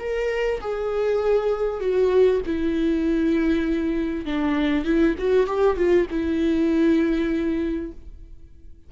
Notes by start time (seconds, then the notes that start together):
0.00 A#4
0.61 G#4
1.81 F#4
2.46 E4
4.26 D4
4.85 E4
5.19 F#4
5.47 G4
5.77 F4
6.10 E4